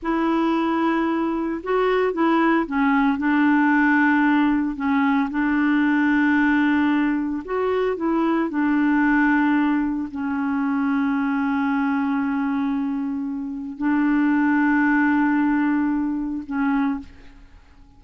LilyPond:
\new Staff \with { instrumentName = "clarinet" } { \time 4/4 \tempo 4 = 113 e'2. fis'4 | e'4 cis'4 d'2~ | d'4 cis'4 d'2~ | d'2 fis'4 e'4 |
d'2. cis'4~ | cis'1~ | cis'2 d'2~ | d'2. cis'4 | }